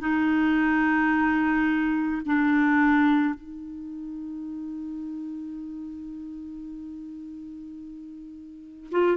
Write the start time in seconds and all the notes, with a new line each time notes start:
0.00 D#4
2.26 D4
3.35 D#4
8.92 F4